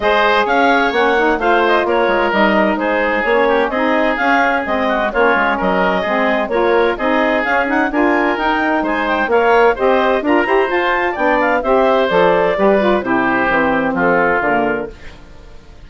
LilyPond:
<<
  \new Staff \with { instrumentName = "clarinet" } { \time 4/4 \tempo 4 = 129 dis''4 f''4 fis''4 f''8 dis''8 | cis''4 dis''4 c''4 cis''4 | dis''4 f''4 dis''4 cis''4 | dis''2 cis''4 dis''4 |
f''8 fis''8 gis''4 g''4 gis''8 g''8 | f''4 dis''4 ais''4 a''4 | g''8 f''8 e''4 d''2 | c''2 a'4 ais'4 | }
  \new Staff \with { instrumentName = "oboe" } { \time 4/4 c''4 cis''2 c''4 | ais'2 gis'4. g'8 | gis'2~ gis'8 fis'8 f'4 | ais'4 gis'4 ais'4 gis'4~ |
gis'4 ais'2 c''4 | cis''4 c''4 ais'8 c''4. | d''4 c''2 b'4 | g'2 f'2 | }
  \new Staff \with { instrumentName = "saxophone" } { \time 4/4 gis'2 cis'8 dis'8 f'4~ | f'4 dis'2 cis'4 | dis'4 cis'4 c'4 cis'4~ | cis'4 c'4 f'4 dis'4 |
cis'8 dis'8 f'4 dis'2 | ais'4 g'4 f'8 g'8 f'4 | d'4 g'4 a'4 g'8 f'8 | e'4 c'2 ais4 | }
  \new Staff \with { instrumentName = "bassoon" } { \time 4/4 gis4 cis'4 ais4 a4 | ais8 gis8 g4 gis4 ais4 | c'4 cis'4 gis4 ais8 gis8 | fis4 gis4 ais4 c'4 |
cis'4 d'4 dis'4 gis4 | ais4 c'4 d'8 e'8 f'4 | b4 c'4 f4 g4 | c4 e4 f4 d4 | }
>>